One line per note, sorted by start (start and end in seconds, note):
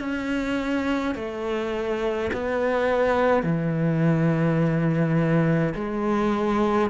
0.00 1.15 C#4
1.15 2.31 A3
2.33 3.44 B3
3.44 5.74 E3
5.75 6.91 G#3